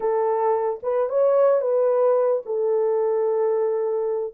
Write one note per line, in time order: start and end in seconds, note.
0.00 0.80 A4
0.83 1.09 B4
1.09 1.61 C#5
1.61 2.42 B4
2.45 4.34 A4